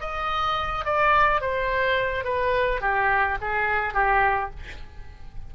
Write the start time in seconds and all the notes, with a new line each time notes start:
0.00 D#5
0.85 D5
1.41 C5
2.24 B4
2.81 G4
3.41 G#4
3.94 G4